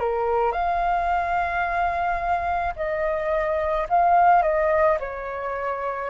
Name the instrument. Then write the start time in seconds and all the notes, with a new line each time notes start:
flute
0.00 A#4
0.52 F5
2.76 D#5
3.89 F5
4.43 D#5
5.00 C#5